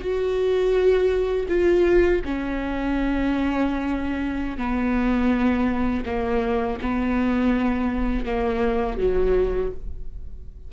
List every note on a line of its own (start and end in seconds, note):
0.00 1.46 F#4
1.48 2.22 F4
2.25 4.58 C#4
4.58 6.04 B3
6.06 6.79 A#3
6.81 8.25 B3
8.25 8.98 A#3
8.98 9.71 F#3